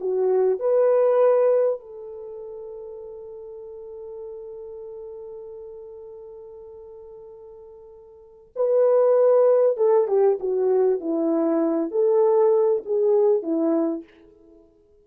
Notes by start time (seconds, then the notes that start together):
0.00 F#4
0.60 B4
1.80 A4
8.55 B4
9.77 A4
10.08 G4
10.40 F#4
11.00 E4
11.91 A4
12.85 G#4
13.42 E4